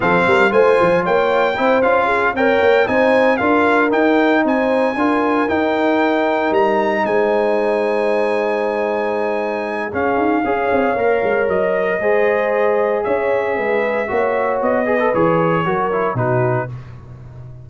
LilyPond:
<<
  \new Staff \with { instrumentName = "trumpet" } { \time 4/4 \tempo 4 = 115 f''4 gis''4 g''4. f''8~ | f''8 g''4 gis''4 f''4 g''8~ | g''8 gis''2 g''4.~ | g''8 ais''4 gis''2~ gis''8~ |
gis''2. f''4~ | f''2 dis''2~ | dis''4 e''2. | dis''4 cis''2 b'4 | }
  \new Staff \with { instrumentName = "horn" } { \time 4/4 a'8 ais'8 c''4 cis''4 c''4 | gis'8 cis''4 c''4 ais'4.~ | ais'8 c''4 ais'2~ ais'8~ | ais'4. c''2~ c''8~ |
c''2. gis'4 | cis''2. c''4~ | c''4 cis''4 b'4 cis''4~ | cis''8 b'4. ais'4 fis'4 | }
  \new Staff \with { instrumentName = "trombone" } { \time 4/4 c'4 f'2 e'8 f'8~ | f'8 ais'4 dis'4 f'4 dis'8~ | dis'4. f'4 dis'4.~ | dis'1~ |
dis'2. cis'4 | gis'4 ais'2 gis'4~ | gis'2. fis'4~ | fis'8 gis'16 a'16 gis'4 fis'8 e'8 dis'4 | }
  \new Staff \with { instrumentName = "tuba" } { \time 4/4 f8 g8 a8 f8 ais4 c'8 cis'8~ | cis'8 c'8 ais8 c'4 d'4 dis'8~ | dis'8 c'4 d'4 dis'4.~ | dis'8 g4 gis2~ gis8~ |
gis2. cis'8 dis'8 | cis'8 c'8 ais8 gis8 fis4 gis4~ | gis4 cis'4 gis4 ais4 | b4 e4 fis4 b,4 | }
>>